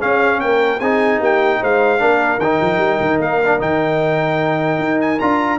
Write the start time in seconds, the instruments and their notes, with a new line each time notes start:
0.00 trombone C#4, tuba C#4, horn G#4, trumpet F5
0.41 tuba A#3, horn A#4, trumpet G5
0.80 tuba C4, trombone D#4, horn G#4, trumpet G#5
1.19 tuba A#3, horn G4, trumpet G5
1.61 tuba G#3, horn C5, trumpet F5
1.99 tuba A#3, trombone D4, horn A#4
2.39 tuba D#3, trombone D#4, trumpet G5
2.62 tuba F3
2.78 tuba G3
3.01 tuba D#3
3.20 tuba A#3, trumpet F5
3.45 trombone D4
3.59 tuba D#3, trombone D#4, trumpet G5
4.79 tuba D#4
5.01 trumpet G#5
5.20 tuba D4, trombone F4, trumpet A#5